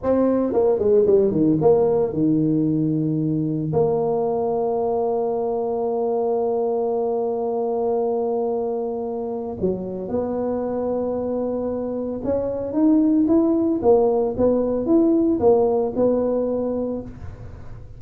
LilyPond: \new Staff \with { instrumentName = "tuba" } { \time 4/4 \tempo 4 = 113 c'4 ais8 gis8 g8 dis8 ais4 | dis2. ais4~ | ais1~ | ais1~ |
ais2 fis4 b4~ | b2. cis'4 | dis'4 e'4 ais4 b4 | e'4 ais4 b2 | }